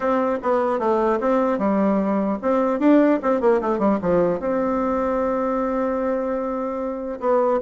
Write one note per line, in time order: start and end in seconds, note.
0.00 0.39 C4
0.42 0.79 B3
0.79 1.19 A3
1.20 1.58 C4
1.58 2.38 G3
2.42 2.79 C4
2.79 3.19 D4
3.22 3.41 C4
3.41 3.61 A#3
3.61 3.79 A3
3.79 3.99 G3
4.01 4.39 F3
4.39 7.19 C4
7.19 7.59 B3